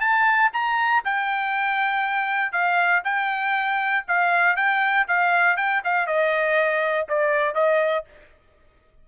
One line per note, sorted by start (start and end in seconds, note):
0.00 0.50 A5
0.53 1.04 A#5
1.05 2.52 G5
2.52 3.02 F5
3.04 4.05 G5
4.08 4.56 F5
4.56 5.06 G5
5.08 5.56 F5
5.56 5.82 G5
5.84 6.07 F5
6.07 7.07 D#5
7.08 7.55 D5
7.55 8.05 D#5